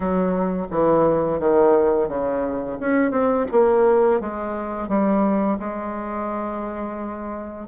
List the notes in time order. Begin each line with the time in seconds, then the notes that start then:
0.00 F#3
0.70 E3
1.40 D#3
2.08 C#3
2.80 C#4
3.11 C4
3.51 A#3
4.20 G#3
4.88 G3
5.59 G#3